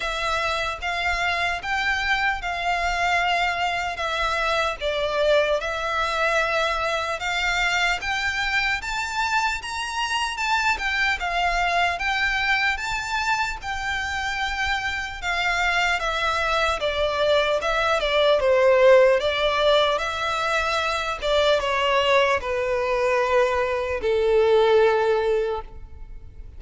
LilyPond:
\new Staff \with { instrumentName = "violin" } { \time 4/4 \tempo 4 = 75 e''4 f''4 g''4 f''4~ | f''4 e''4 d''4 e''4~ | e''4 f''4 g''4 a''4 | ais''4 a''8 g''8 f''4 g''4 |
a''4 g''2 f''4 | e''4 d''4 e''8 d''8 c''4 | d''4 e''4. d''8 cis''4 | b'2 a'2 | }